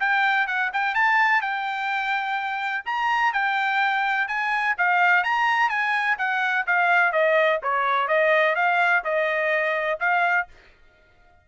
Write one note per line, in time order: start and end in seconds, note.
0.00 0.47 G5
0.47 0.71 F#5
0.73 0.94 G5
0.94 1.41 A5
1.41 2.84 G5
2.85 3.33 A#5
3.33 4.28 G5
4.28 4.75 G#5
4.78 5.24 F5
5.24 5.69 A#5
5.69 6.17 G#5
6.18 6.66 F#5
6.67 7.12 F5
7.12 7.60 D#5
7.63 8.08 C#5
8.08 8.55 D#5
8.55 9.03 F5
9.04 10.00 D#5
10.00 10.47 F5